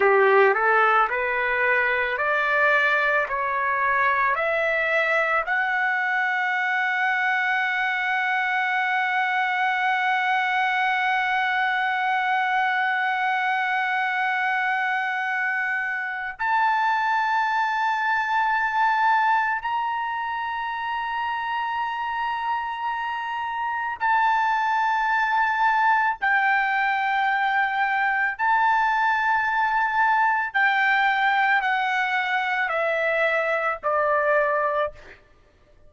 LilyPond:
\new Staff \with { instrumentName = "trumpet" } { \time 4/4 \tempo 4 = 55 g'8 a'8 b'4 d''4 cis''4 | e''4 fis''2.~ | fis''1~ | fis''2. a''4~ |
a''2 ais''2~ | ais''2 a''2 | g''2 a''2 | g''4 fis''4 e''4 d''4 | }